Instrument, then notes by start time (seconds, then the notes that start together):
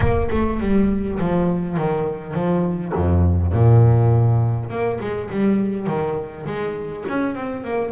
double bass
0.00 A#3
0.30 A3
0.60 G3
1.19 F3
1.77 D#3
2.34 F3
2.94 F2
3.52 A#2
4.70 A#3
5.00 G#3
5.30 G3
5.87 D#3
6.45 G#3
7.08 C#4
7.34 C4
7.64 A#3